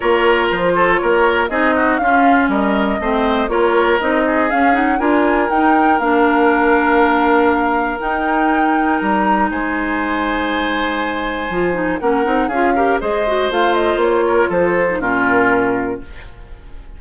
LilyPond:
<<
  \new Staff \with { instrumentName = "flute" } { \time 4/4 \tempo 4 = 120 cis''4 c''4 cis''4 dis''4 | f''4 dis''2 cis''4 | dis''4 f''8 fis''8 gis''4 g''4 | f''1 |
g''2 ais''4 gis''4~ | gis''1 | fis''4 f''4 dis''4 f''8 dis''8 | cis''4 c''4 ais'2 | }
  \new Staff \with { instrumentName = "oboe" } { \time 4/4 ais'4. a'8 ais'4 gis'8 fis'8 | f'4 ais'4 c''4 ais'4~ | ais'8 gis'4. ais'2~ | ais'1~ |
ais'2. c''4~ | c''1 | ais'4 gis'8 ais'8 c''2~ | c''8 ais'8 a'4 f'2 | }
  \new Staff \with { instrumentName = "clarinet" } { \time 4/4 f'2. dis'4 | cis'2 c'4 f'4 | dis'4 cis'8 dis'8 f'4 dis'4 | d'1 |
dis'1~ | dis'2. f'8 dis'8 | cis'8 dis'8 f'8 g'8 gis'8 fis'8 f'4~ | f'4.~ f'16 dis'16 cis'2 | }
  \new Staff \with { instrumentName = "bassoon" } { \time 4/4 ais4 f4 ais4 c'4 | cis'4 g4 a4 ais4 | c'4 cis'4 d'4 dis'4 | ais1 |
dis'2 g4 gis4~ | gis2. f4 | ais8 c'8 cis'4 gis4 a4 | ais4 f4 ais,2 | }
>>